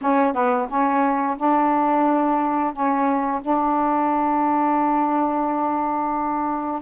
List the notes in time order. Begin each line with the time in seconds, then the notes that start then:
0.01 C#4
0.33 B3
0.68 C#4
1.37 D4
2.73 C#4
3.41 D4